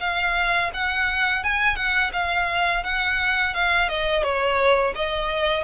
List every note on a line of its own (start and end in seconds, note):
0.00 0.71 F5
0.73 1.43 F#5
1.43 1.76 G#5
1.76 2.11 F#5
2.13 2.83 F5
2.83 3.54 F#5
3.54 3.89 F5
3.89 4.23 D#5
4.23 4.93 C#5
4.95 5.63 D#5